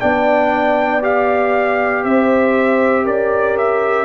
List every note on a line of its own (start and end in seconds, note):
0.00 2.04 B3
0.00 1.02 D4
0.00 2.04 D5
0.00 1.02 G5
1.02 4.05 G4
1.02 2.04 F5
2.04 3.06 C4
2.04 3.04 C5
2.04 3.06 E5
3.04 4.05 C#4
3.04 4.05 A#4
3.04 3.57 D5
3.58 4.05 E5